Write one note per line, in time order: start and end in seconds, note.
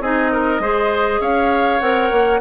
0.00 0.59 C4
0.00 0.61 D#4
0.00 0.31 G#4
0.00 1.21 D#5
0.31 0.61 A#4
0.59 1.19 G#3
0.59 1.80 G#4
0.59 1.20 C5
1.20 1.80 C#4
1.20 2.40 C#5
1.20 1.79 F5
1.79 2.11 C4
1.79 2.40 A#4
1.79 2.40 F#5
2.11 2.41 A#3